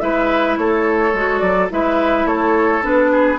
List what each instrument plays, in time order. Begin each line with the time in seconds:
0.00 bassoon G#3, clarinet E4, oboe B4, flute E5
0.58 bassoon A3, oboe A4, flute C#5
1.14 bassoon G#3, clarinet F#4
1.40 bassoon F#3, flute D5
1.70 bassoon G#3, clarinet E4, oboe B4, flute E5
2.26 bassoon A3, oboe A4, flute C#5
2.82 bassoon B3, clarinet D4, flute B4
3.12 oboe G#4